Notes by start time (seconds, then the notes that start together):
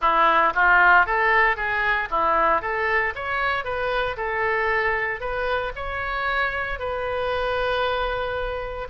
0.01 E4
0.54 F4
1.06 A4
1.56 G#4
2.10 E4
2.61 A4
3.15 C#5
3.64 B4
4.16 A4
5.20 B4
5.75 C#5
6.79 B4